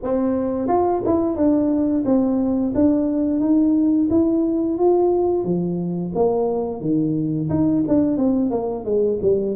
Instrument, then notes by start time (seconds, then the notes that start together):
tuba
0.02 C4
0.68 F4
1.05 E4
1.35 D4
2.05 C4
2.75 D4
3.40 D#4
4.10 E4
4.78 F4
5.44 F3
6.15 A#3
6.81 D#3
7.49 D#4
7.88 D4
8.17 C4
8.50 A#3
8.85 G#3
9.22 G3